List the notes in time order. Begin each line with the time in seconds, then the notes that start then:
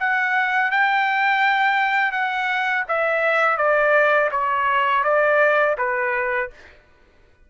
0.00 F#5
0.71 G5
2.12 F#5
2.88 E5
3.58 D5
4.32 C#5
5.04 D5
5.78 B4